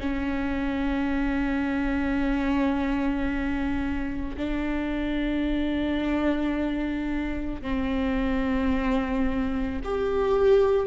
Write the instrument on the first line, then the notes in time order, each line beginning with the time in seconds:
viola
0.00 C#4
4.37 D4
7.62 C4
9.84 G4